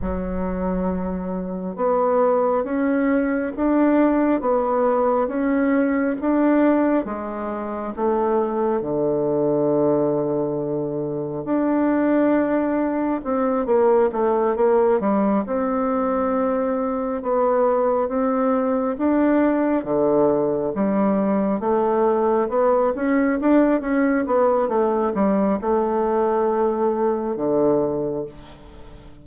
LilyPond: \new Staff \with { instrumentName = "bassoon" } { \time 4/4 \tempo 4 = 68 fis2 b4 cis'4 | d'4 b4 cis'4 d'4 | gis4 a4 d2~ | d4 d'2 c'8 ais8 |
a8 ais8 g8 c'2 b8~ | b8 c'4 d'4 d4 g8~ | g8 a4 b8 cis'8 d'8 cis'8 b8 | a8 g8 a2 d4 | }